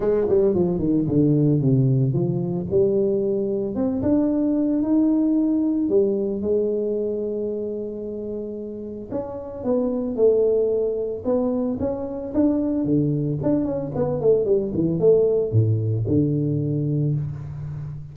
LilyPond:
\new Staff \with { instrumentName = "tuba" } { \time 4/4 \tempo 4 = 112 gis8 g8 f8 dis8 d4 c4 | f4 g2 c'8 d'8~ | d'4 dis'2 g4 | gis1~ |
gis4 cis'4 b4 a4~ | a4 b4 cis'4 d'4 | d4 d'8 cis'8 b8 a8 g8 e8 | a4 a,4 d2 | }